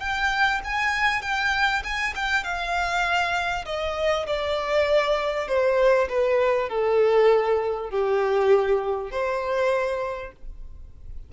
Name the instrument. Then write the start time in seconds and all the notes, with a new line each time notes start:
violin
0.00 G5
0.64 G#5
1.22 G5
1.84 G#5
2.15 G5
2.44 F5
3.66 D#5
4.27 D5
5.48 C5
6.09 B4
6.69 A4
7.90 G4
9.11 C5